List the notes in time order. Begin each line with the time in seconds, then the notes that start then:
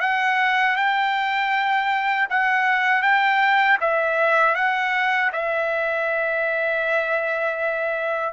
0.00 F#5
0.76 G5
2.30 F#5
3.02 G5
3.80 E5
4.55 F#5
5.32 E5